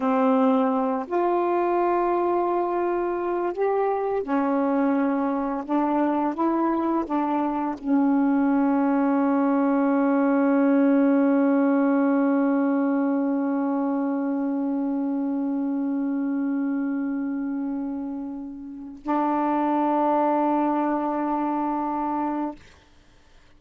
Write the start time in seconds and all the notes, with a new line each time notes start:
0.00 C4
1.07 F4
3.53 G4
4.22 C#4
5.65 D4
6.34 E4
7.05 D4
7.77 C#4
19.02 D4